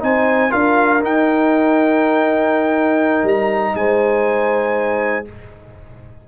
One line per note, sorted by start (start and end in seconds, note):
0.00 0.52 C4
0.00 0.50 D#4
0.00 0.51 C5
0.00 0.52 G#5
0.50 1.03 D4
0.50 1.00 F4
0.50 3.76 A#4
0.50 1.02 F5
1.00 5.25 D#4
1.00 3.23 D#4
1.00 3.28 G5
3.23 3.73 G3
3.23 3.76 A#5
3.75 5.25 G#3
3.75 5.28 C5
3.75 5.26 G#5